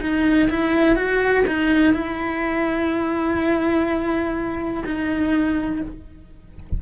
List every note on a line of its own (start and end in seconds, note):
0.00 0.48 D#4
0.49 0.95 E4
0.95 1.44 F#4
1.46 1.93 D#4
1.93 4.83 E4
4.85 5.82 D#4